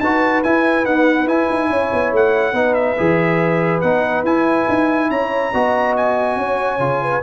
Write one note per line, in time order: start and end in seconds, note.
0.00 0.43 D#4
0.00 0.44 F#4
0.00 1.70 B4
0.00 0.43 A5
0.43 0.86 E4
0.43 0.84 E4
0.43 0.85 G#5
0.84 1.27 B3
0.84 1.26 D#4
0.84 1.28 F#5
1.26 1.47 E4
1.26 2.54 E4
1.26 2.13 G#5
1.50 1.70 D#4
1.70 1.91 C#4
1.70 2.53 C#5
1.93 2.12 B3
2.12 2.53 A3
2.12 2.74 F#5
2.53 2.95 B3
2.53 2.97 D#4
2.53 5.08 B4
2.74 3.81 E5
2.97 3.83 E3
2.97 3.82 G#4
3.81 4.24 B3
3.81 4.26 D#4
3.81 4.23 F#5
4.24 4.66 E4
4.24 5.53 E4
4.24 5.10 G#5
4.69 5.10 D#4
5.10 5.52 C#4
5.10 5.53 C#5
5.10 5.96 A#5
5.53 6.36 B3
5.53 6.79 F#4
5.53 6.38 D#5
5.96 7.23 G#5
6.36 6.79 C#4
6.36 7.03 C#5
6.79 7.22 C#3
6.79 7.22 F4
7.03 7.23 B4